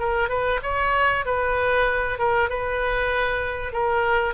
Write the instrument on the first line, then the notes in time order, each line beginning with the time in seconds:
oboe
0.00 A#4
0.30 B4
0.63 C#5
1.26 B4
2.19 A#4
2.50 B4
3.73 A#4